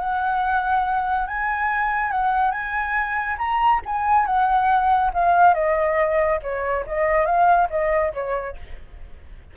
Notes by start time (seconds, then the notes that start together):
0.00 F#5
1.28 G#5
2.12 F#5
2.52 G#5
3.39 A#5
3.86 G#5
4.26 F#5
5.14 F5
5.54 D#5
6.43 C#5
6.87 D#5
7.26 F5
7.71 D#5
8.14 C#5